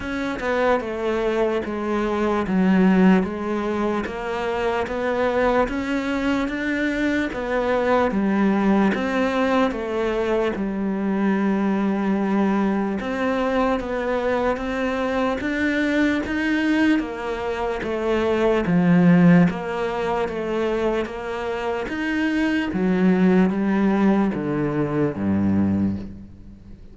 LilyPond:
\new Staff \with { instrumentName = "cello" } { \time 4/4 \tempo 4 = 74 cis'8 b8 a4 gis4 fis4 | gis4 ais4 b4 cis'4 | d'4 b4 g4 c'4 | a4 g2. |
c'4 b4 c'4 d'4 | dis'4 ais4 a4 f4 | ais4 a4 ais4 dis'4 | fis4 g4 d4 g,4 | }